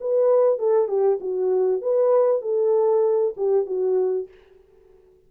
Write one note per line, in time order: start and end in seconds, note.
0.00 0.58 B4
0.58 0.87 A4
0.87 1.19 G4
1.20 1.81 F#4
1.81 2.41 B4
2.41 3.34 A4
3.37 3.66 G4
3.66 4.28 F#4